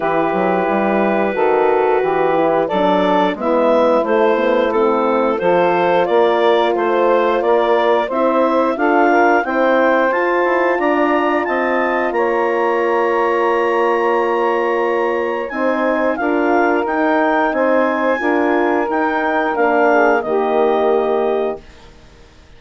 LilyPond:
<<
  \new Staff \with { instrumentName = "clarinet" } { \time 4/4 \tempo 4 = 89 b'1 | d''4 e''4 c''4 a'4 | c''4 d''4 c''4 d''4 | e''4 f''4 g''4 a''4 |
ais''4 a''4 ais''2~ | ais''2. gis''4 | f''4 g''4 gis''2 | g''4 f''4 dis''2 | }
  \new Staff \with { instrumentName = "saxophone" } { \time 4/4 g'2 a'4 g'4 | a'4 e'2. | a'4 ais'4 c''4 ais'4 | c''4 a'8 ais'8 c''2 |
d''4 dis''4 cis''2~ | cis''2. c''4 | ais'2 c''4 ais'4~ | ais'4. gis'8 g'2 | }
  \new Staff \with { instrumentName = "horn" } { \time 4/4 e'2 fis'4. e'8 | d'4 b4 a8 b8 c'4 | f'1 | e'4 f'4 e'4 f'4~ |
f'1~ | f'2. dis'4 | f'4 dis'2 f'4 | dis'4 d'4 ais2 | }
  \new Staff \with { instrumentName = "bassoon" } { \time 4/4 e8 fis8 g4 dis4 e4 | fis4 gis4 a2 | f4 ais4 a4 ais4 | c'4 d'4 c'4 f'8 e'8 |
d'4 c'4 ais2~ | ais2. c'4 | d'4 dis'4 c'4 d'4 | dis'4 ais4 dis2 | }
>>